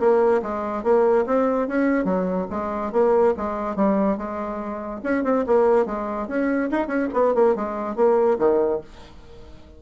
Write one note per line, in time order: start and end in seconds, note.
0.00 0.42 A#3
0.43 0.84 G#3
0.84 1.25 A#3
1.26 1.68 C4
1.68 2.05 C#4
2.05 2.47 F#3
2.51 2.93 G#3
2.93 3.35 A#3
3.37 3.76 G#3
3.76 4.17 G3
4.17 5.01 G#3
5.04 5.24 C#4
5.24 5.45 C4
5.47 5.86 A#3
5.86 6.28 G#3
6.28 6.70 C#4
6.71 6.88 D#4
6.88 7.09 C#4
7.14 7.35 B3
7.35 7.56 A#3
7.56 7.96 G#3
7.96 8.38 A#3
8.39 8.81 D#3